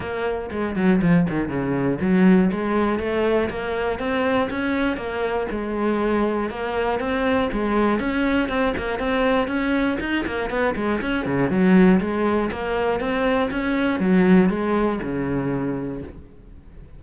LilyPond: \new Staff \with { instrumentName = "cello" } { \time 4/4 \tempo 4 = 120 ais4 gis8 fis8 f8 dis8 cis4 | fis4 gis4 a4 ais4 | c'4 cis'4 ais4 gis4~ | gis4 ais4 c'4 gis4 |
cis'4 c'8 ais8 c'4 cis'4 | dis'8 ais8 b8 gis8 cis'8 cis8 fis4 | gis4 ais4 c'4 cis'4 | fis4 gis4 cis2 | }